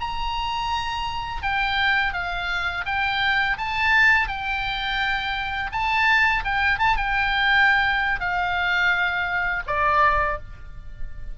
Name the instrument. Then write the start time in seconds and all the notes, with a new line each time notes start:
oboe
0.00 A#5
1.42 G5
2.13 F5
2.85 G5
3.57 A5
4.28 G5
5.72 A5
6.44 G5
6.78 A5
6.96 G5
8.19 F5
9.66 D5